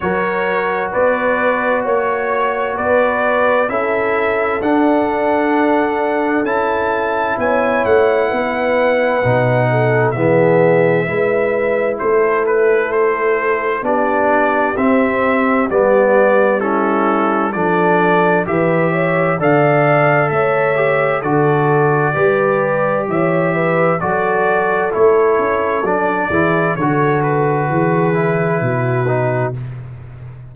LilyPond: <<
  \new Staff \with { instrumentName = "trumpet" } { \time 4/4 \tempo 4 = 65 cis''4 d''4 cis''4 d''4 | e''4 fis''2 a''4 | gis''8 fis''2~ fis''8 e''4~ | e''4 c''8 b'8 c''4 d''4 |
e''4 d''4 a'4 d''4 | e''4 f''4 e''4 d''4~ | d''4 e''4 d''4 cis''4 | d''4 cis''8 b'2~ b'8 | }
  \new Staff \with { instrumentName = "horn" } { \time 4/4 ais'4 b'4 cis''4 b'4 | a'1 | cis''4 b'4. a'8 gis'4 | b'4 a'2 g'4~ |
g'2 e'4 a'4 | b'8 cis''8 d''4 cis''4 a'4 | b'4 cis''8 b'8 a'2~ | a'8 gis'8 a'4 gis'4 fis'4 | }
  \new Staff \with { instrumentName = "trombone" } { \time 4/4 fis'1 | e'4 d'2 e'4~ | e'2 dis'4 b4 | e'2. d'4 |
c'4 b4 cis'4 d'4 | g'4 a'4. g'8 fis'4 | g'2 fis'4 e'4 | d'8 e'8 fis'4. e'4 dis'8 | }
  \new Staff \with { instrumentName = "tuba" } { \time 4/4 fis4 b4 ais4 b4 | cis'4 d'2 cis'4 | b8 a8 b4 b,4 e4 | gis4 a2 b4 |
c'4 g2 f4 | e4 d4 a4 d4 | g4 e4 fis4 a8 cis'8 | fis8 e8 d4 e4 b,4 | }
>>